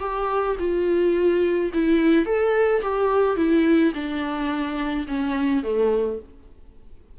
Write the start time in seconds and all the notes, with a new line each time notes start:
0.00 G4
0.59 F4
1.74 E4
2.26 A4
2.82 G4
3.37 E4
3.95 D4
5.08 C#4
5.64 A3